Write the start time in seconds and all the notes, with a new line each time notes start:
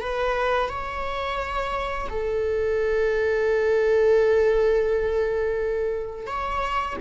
0.00 B4
0.68 C#5
2.09 A4
6.26 C#5